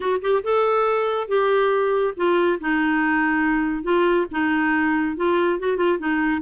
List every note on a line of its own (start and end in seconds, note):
0.00 0.20 F#4
0.21 0.43 G4
0.43 1.28 A4
1.28 2.14 G4
2.16 2.59 F4
2.60 3.83 D#4
3.83 4.26 F4
4.31 5.16 D#4
5.16 5.59 F4
5.59 5.76 F#4
5.76 5.98 F4
5.98 6.41 D#4